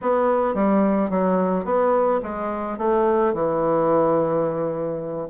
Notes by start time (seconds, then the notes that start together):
0.01 B3
0.54 G3
1.10 F#3
1.65 B3
2.22 G#3
2.78 A3
3.33 E3